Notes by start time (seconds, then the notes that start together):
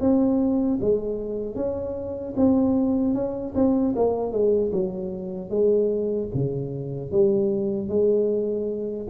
0.00 C4
0.81 G#3
1.55 C#4
2.36 C4
3.14 C#4
3.55 C4
3.96 A#3
4.32 G#3
4.72 F#3
5.50 G#3
6.34 C#3
7.12 G3
7.89 G#3